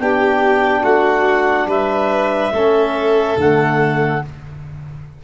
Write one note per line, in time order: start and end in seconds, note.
0.00 0.84 B3
0.00 2.54 D4
0.00 0.83 G4
0.00 0.85 G5
0.83 1.67 A3
0.83 1.67 F#4
0.83 1.69 F#5
1.67 2.51 G3
1.67 2.53 B4
1.67 3.39 E5
2.53 3.37 A3
2.53 3.38 C#4
2.53 4.23 A4
3.38 4.22 D3
3.38 4.23 A3
3.38 4.24 F#5